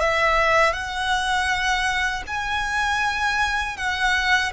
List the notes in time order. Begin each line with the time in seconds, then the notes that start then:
0.00 E5
0.73 F#5
2.27 G#5
3.77 F#5